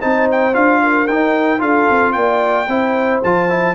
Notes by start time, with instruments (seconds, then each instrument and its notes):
0.00 tuba C4, trombone D#4, horn C5, trumpet A5
0.31 trumpet G5
0.53 tuba D4, trombone F4, trumpet F5
0.83 horn A#4
1.07 tuba D#4, trombone D#4, trumpet G5
1.59 tuba D4, trombone F4, horn A4, trumpet F5
1.90 tuba C4
2.13 tuba A#3, horn D5, trumpet G5
2.68 tuba C4, trombone E4, horn C5
3.23 tuba F3, trombone F4, trumpet A5
3.49 trombone E4